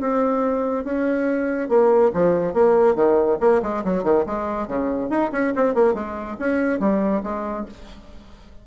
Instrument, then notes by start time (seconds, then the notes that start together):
bassoon
0.00 C4
0.84 C#4
1.69 A#3
2.14 F3
2.54 A#3
2.95 D#3
3.40 A#3
3.62 G#3
3.84 F#3
4.04 D#3
4.26 G#3
4.68 C#3
5.10 D#4
5.32 C#4
5.56 C4
5.74 A#3
5.94 G#3
6.39 C#4
6.80 G3
7.23 G#3